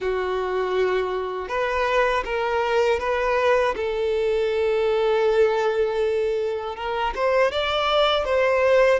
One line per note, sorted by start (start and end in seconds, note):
0.00 1.48 F#4
1.48 2.23 B4
2.25 2.99 A#4
2.99 3.74 B4
3.76 6.76 A4
6.76 7.13 A#4
7.15 7.51 C5
7.51 8.25 D5
8.25 8.99 C5